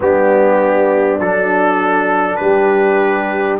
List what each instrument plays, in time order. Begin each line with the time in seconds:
0.00 tuba G3, trombone B3, horn D4, trumpet G4
1.19 tuba F#3, trombone D4, trumpet A4
2.35 tuba G3, horn G4, trumpet B4